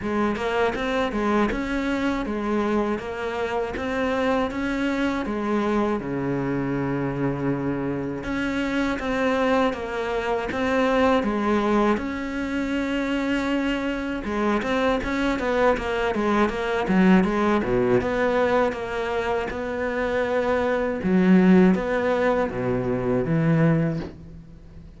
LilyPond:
\new Staff \with { instrumentName = "cello" } { \time 4/4 \tempo 4 = 80 gis8 ais8 c'8 gis8 cis'4 gis4 | ais4 c'4 cis'4 gis4 | cis2. cis'4 | c'4 ais4 c'4 gis4 |
cis'2. gis8 c'8 | cis'8 b8 ais8 gis8 ais8 fis8 gis8 b,8 | b4 ais4 b2 | fis4 b4 b,4 e4 | }